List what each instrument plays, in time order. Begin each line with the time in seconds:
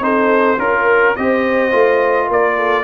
0.00 tuba C4, trombone D#4, horn A4, trumpet C5
0.58 tuba C#4, trombone F4, trumpet A#4, horn A#4
1.16 tuba C4, trombone G4, horn C5, trumpet D#5
1.72 tuba A3, trombone F4
2.27 tuba A#3, horn A#4, trumpet D5
2.56 horn A4